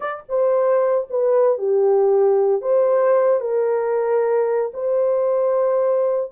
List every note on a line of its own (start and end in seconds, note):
0.00 0.23 D5
0.28 1.07 C5
1.10 1.58 B4
1.58 2.61 G4
2.61 3.40 C5
3.40 4.71 A#4
4.73 6.31 C5